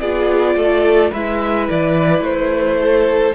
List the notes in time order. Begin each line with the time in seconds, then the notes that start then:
0.00 B3 F4 G#4 D5
0.56 A3 A4
1.10 G#3 E4 B4 E5
1.70 E3 D5
2.20 A3 C5
2.81 A4